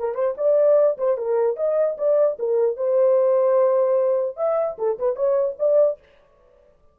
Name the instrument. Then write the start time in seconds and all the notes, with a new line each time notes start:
horn
0.00 A#4
0.15 C5
0.38 D5
0.98 C5
1.18 A#4
1.57 D#5
1.98 D5
2.39 A#4
2.77 C5
4.37 E5
4.79 A4
4.99 B4
5.16 C#5
5.59 D5